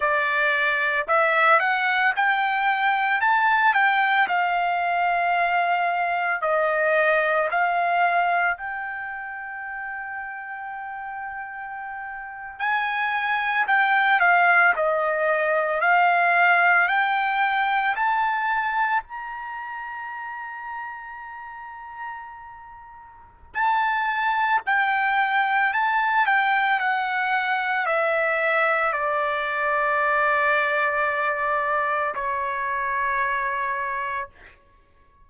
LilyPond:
\new Staff \with { instrumentName = "trumpet" } { \time 4/4 \tempo 4 = 56 d''4 e''8 fis''8 g''4 a''8 g''8 | f''2 dis''4 f''4 | g''2.~ g''8. gis''16~ | gis''8. g''8 f''8 dis''4 f''4 g''16~ |
g''8. a''4 ais''2~ ais''16~ | ais''2 a''4 g''4 | a''8 g''8 fis''4 e''4 d''4~ | d''2 cis''2 | }